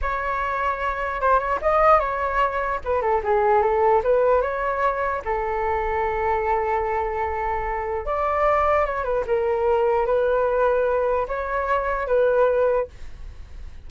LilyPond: \new Staff \with { instrumentName = "flute" } { \time 4/4 \tempo 4 = 149 cis''2. c''8 cis''8 | dis''4 cis''2 b'8 a'8 | gis'4 a'4 b'4 cis''4~ | cis''4 a'2.~ |
a'1 | d''2 cis''8 b'8 ais'4~ | ais'4 b'2. | cis''2 b'2 | }